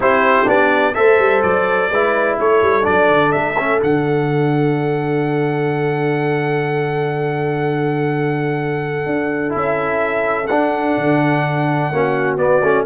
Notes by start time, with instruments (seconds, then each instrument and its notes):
0.00 tuba C4, trombone E4, horn G4, trumpet C5
0.46 tuba B3, trombone D4, trumpet D5
0.94 tuba A3, trombone A4, horn C5, trumpet E5
1.19 tuba G3
1.42 tuba F#3, trumpet D5
1.89 tuba G#3, trombone E4, horn B4
2.39 tuba A3, horn A4, trumpet C#5
2.62 tuba G3
2.82 tuba F#3, trombone D4, trumpet D5
3.08 tuba D3
3.32 tuba A3, trumpet E5
3.58 trombone C#4
3.81 tuba D3, trombone D4, trumpet F#5
9.06 tuba D4
9.49 trombone E4
9.55 tuba C#4, trumpet E5
10.46 tuba D4, trombone D4, trumpet F#5
10.97 tuba D3
11.91 tuba A#3, trombone C#4, horn F#4
12.37 trombone B3, tuba B3, trumpet D5
12.62 tuba A3, trombone C#4